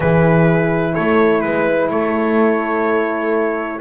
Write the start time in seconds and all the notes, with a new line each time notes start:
0.00 E3 E4 G#4 B4
0.93 A3 A4 C#5
1.40 G#3 B4
1.89 A3 A4 C#5